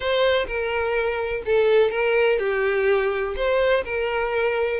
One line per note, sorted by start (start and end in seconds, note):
0.00 0.46 C5
0.47 1.43 A#4
1.45 1.90 A4
1.90 2.38 A#4
2.39 3.35 G4
3.36 3.84 C5
3.84 4.80 A#4